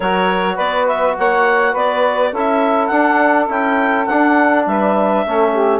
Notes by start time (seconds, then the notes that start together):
0.00 F#3 F#4 A#4 C#5
0.54 B3 B4 D5
0.87 E5
1.18 A#3 C#5 F#5
1.71 B3 B4 D5
2.32 C#4 E4 A4 E5
2.87 D4 F#5
3.48 C#4 E4 G5
4.05 D4 F#5
4.66 G3 B4 E5
5.26 A3 C#4 A4
5.52 G4